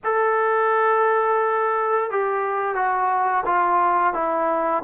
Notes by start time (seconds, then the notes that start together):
0.03 A4
2.10 G4
2.75 F#4
3.45 F4
4.13 E4